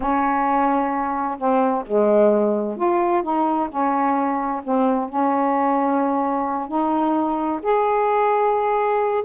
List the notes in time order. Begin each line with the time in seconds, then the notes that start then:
0.00 C#4
1.38 C4
1.86 G#3
2.77 F4
3.22 D#4
3.69 C#4
4.64 C4
5.09 C#4
6.68 D#4
7.62 G#4